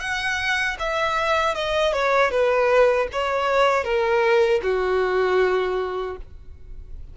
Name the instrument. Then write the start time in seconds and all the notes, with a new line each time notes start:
violin
0.00 F#5
0.80 E5
1.55 D#5
1.93 C#5
2.31 B4
3.13 C#5
3.84 A#4
4.63 F#4